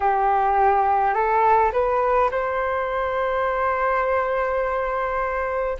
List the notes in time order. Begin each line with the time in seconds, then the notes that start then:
0.00 G4
1.13 A4
1.72 B4
2.31 C5